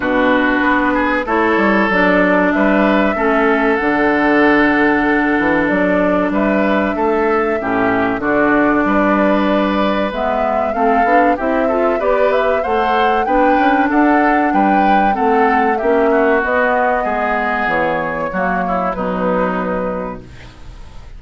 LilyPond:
<<
  \new Staff \with { instrumentName = "flute" } { \time 4/4 \tempo 4 = 95 b'2 cis''4 d''4 | e''2 fis''2~ | fis''4 d''4 e''2~ | e''4 d''2. |
e''4 f''4 e''4 d''8 e''8 | fis''4 g''4 fis''4 g''4 | fis''4 e''4 dis''2 | cis''2 b'2 | }
  \new Staff \with { instrumentName = "oboe" } { \time 4/4 fis'4. gis'8 a'2 | b'4 a'2.~ | a'2 b'4 a'4 | g'4 fis'4 b'2~ |
b'4 a'4 g'8 a'8 b'4 | c''4 b'4 a'4 b'4 | a'4 g'8 fis'4. gis'4~ | gis'4 fis'8 e'8 dis'2 | }
  \new Staff \with { instrumentName = "clarinet" } { \time 4/4 d'2 e'4 d'4~ | d'4 cis'4 d'2~ | d'1 | cis'4 d'2. |
b4 c'8 d'8 e'8 f'8 g'4 | a'4 d'2. | c'4 cis'4 b2~ | b4 ais4 fis2 | }
  \new Staff \with { instrumentName = "bassoon" } { \time 4/4 b,4 b4 a8 g8 fis4 | g4 a4 d2~ | d8 e8 fis4 g4 a4 | a,4 d4 g2 |
gis4 a8 b8 c'4 b4 | a4 b8 cis'8 d'4 g4 | a4 ais4 b4 gis4 | e4 fis4 b,2 | }
>>